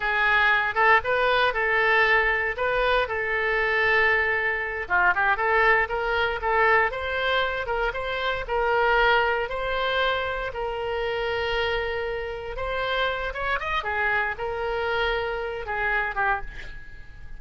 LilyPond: \new Staff \with { instrumentName = "oboe" } { \time 4/4 \tempo 4 = 117 gis'4. a'8 b'4 a'4~ | a'4 b'4 a'2~ | a'4. f'8 g'8 a'4 ais'8~ | ais'8 a'4 c''4. ais'8 c''8~ |
c''8 ais'2 c''4.~ | c''8 ais'2.~ ais'8~ | ais'8 c''4. cis''8 dis''8 gis'4 | ais'2~ ais'8 gis'4 g'8 | }